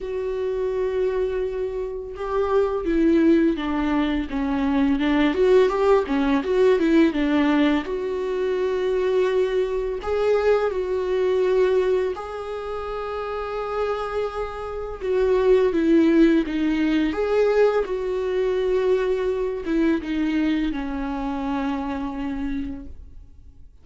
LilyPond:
\new Staff \with { instrumentName = "viola" } { \time 4/4 \tempo 4 = 84 fis'2. g'4 | e'4 d'4 cis'4 d'8 fis'8 | g'8 cis'8 fis'8 e'8 d'4 fis'4~ | fis'2 gis'4 fis'4~ |
fis'4 gis'2.~ | gis'4 fis'4 e'4 dis'4 | gis'4 fis'2~ fis'8 e'8 | dis'4 cis'2. | }